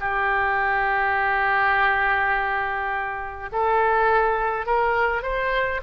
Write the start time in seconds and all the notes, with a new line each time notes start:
0.00 G4
3.52 A4
4.66 A#4
5.22 C5